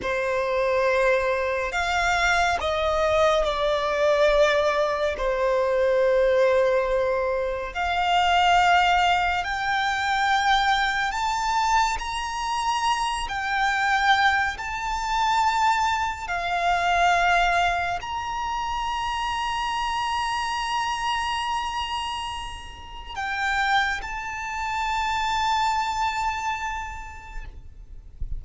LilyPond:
\new Staff \with { instrumentName = "violin" } { \time 4/4 \tempo 4 = 70 c''2 f''4 dis''4 | d''2 c''2~ | c''4 f''2 g''4~ | g''4 a''4 ais''4. g''8~ |
g''4 a''2 f''4~ | f''4 ais''2.~ | ais''2. g''4 | a''1 | }